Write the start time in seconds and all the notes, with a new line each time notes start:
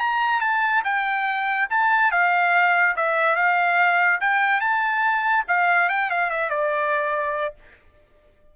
0.00 A#5
0.41 A5
0.84 G5
1.70 A5
2.12 F5
2.97 E5
3.36 F5
4.21 G5
4.61 A5
5.48 F5
5.90 G5
6.10 F5
6.31 E5
6.50 D5